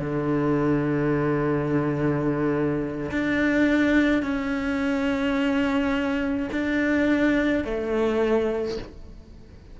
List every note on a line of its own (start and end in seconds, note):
0.00 3.11 D3
3.11 4.22 D4
4.22 6.49 C#4
6.52 7.65 D4
7.65 8.78 A3